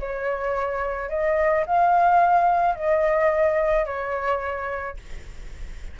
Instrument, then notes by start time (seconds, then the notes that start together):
flute
0.00 C#5
1.10 D#5
1.67 F5
2.75 D#5
3.86 C#5